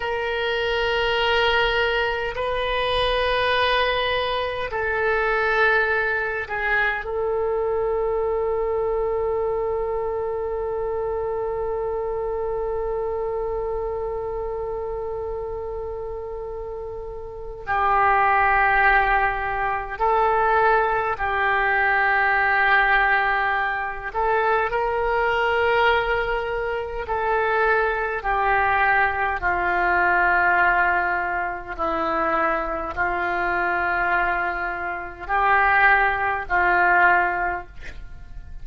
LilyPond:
\new Staff \with { instrumentName = "oboe" } { \time 4/4 \tempo 4 = 51 ais'2 b'2 | a'4. gis'8 a'2~ | a'1~ | a'2. g'4~ |
g'4 a'4 g'2~ | g'8 a'8 ais'2 a'4 | g'4 f'2 e'4 | f'2 g'4 f'4 | }